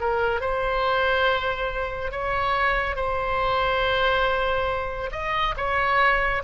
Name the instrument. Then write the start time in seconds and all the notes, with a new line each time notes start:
oboe
0.00 A#4
0.41 C5
2.11 C#5
2.96 C5
5.12 D#5
5.57 C#5